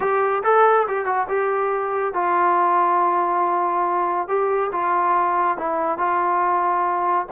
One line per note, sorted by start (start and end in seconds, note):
0.00 0.42 G4
0.43 0.86 A4
0.87 1.05 G4
1.05 1.27 F#4
1.28 2.13 G4
2.13 4.27 F4
4.28 4.71 G4
4.71 5.57 F4
5.57 5.98 E4
5.98 7.26 F4